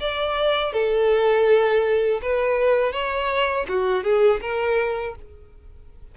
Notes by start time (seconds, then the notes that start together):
0.00 D5
0.72 A4
2.22 B4
2.92 C#5
3.68 F#4
4.03 G#4
4.41 A#4